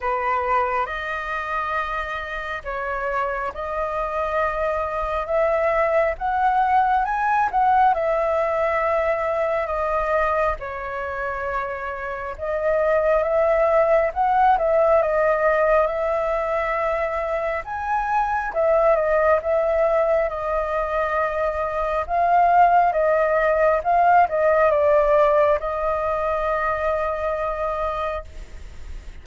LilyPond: \new Staff \with { instrumentName = "flute" } { \time 4/4 \tempo 4 = 68 b'4 dis''2 cis''4 | dis''2 e''4 fis''4 | gis''8 fis''8 e''2 dis''4 | cis''2 dis''4 e''4 |
fis''8 e''8 dis''4 e''2 | gis''4 e''8 dis''8 e''4 dis''4~ | dis''4 f''4 dis''4 f''8 dis''8 | d''4 dis''2. | }